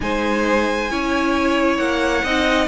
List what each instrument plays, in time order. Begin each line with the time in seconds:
0.00 cello G#3, viola D#4, violin C5 G#5
0.90 cello C#4, viola E4, violin C#5
1.77 cello A#3, violin F#5
2.23 cello C4, viola D#4, violin D#5